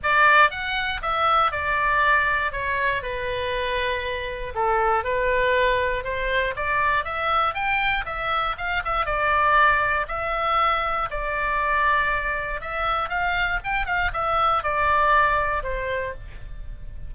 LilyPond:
\new Staff \with { instrumentName = "oboe" } { \time 4/4 \tempo 4 = 119 d''4 fis''4 e''4 d''4~ | d''4 cis''4 b'2~ | b'4 a'4 b'2 | c''4 d''4 e''4 g''4 |
e''4 f''8 e''8 d''2 | e''2 d''2~ | d''4 e''4 f''4 g''8 f''8 | e''4 d''2 c''4 | }